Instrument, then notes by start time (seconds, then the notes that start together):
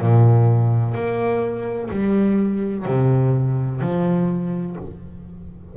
double bass
0.00 A#2
0.94 A#3
1.90 G3
2.85 C3
3.81 F3